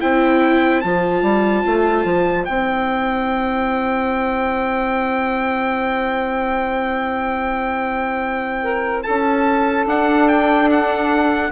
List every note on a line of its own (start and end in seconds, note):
0.00 0.84 C4
0.00 0.82 E4
0.00 8.62 C5
0.00 0.80 G5
0.80 1.22 F3
0.80 2.48 F4
0.80 2.45 A5
1.22 1.63 G3
1.66 2.05 A3
2.05 2.46 F3
2.45 9.06 C4
2.45 9.88 E4
2.45 9.03 G5
8.62 9.03 A#4
9.03 9.86 C#4
9.03 11.50 A4
9.03 9.85 A5
9.86 11.51 D4
9.86 11.52 D4
9.86 10.28 F#5
10.28 10.69 G5
10.71 11.52 F#5